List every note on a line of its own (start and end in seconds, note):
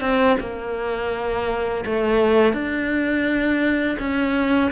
0.00 0.36 C4
0.39 1.84 A#3
1.85 2.53 A3
2.53 3.97 D4
3.99 4.71 C#4